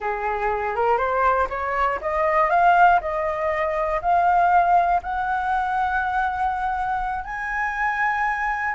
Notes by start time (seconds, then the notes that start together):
0.00 G#4
0.75 A#4
0.97 C5
1.49 C#5
2.01 D#5
2.50 F5
3.00 D#5
4.01 F5
5.02 F#5
7.24 G#5